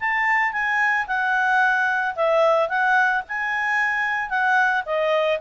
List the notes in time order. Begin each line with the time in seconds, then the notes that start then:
0.00 A5
0.53 G#5
1.07 F#5
2.16 E5
2.69 F#5
3.29 G#5
4.30 F#5
4.86 D#5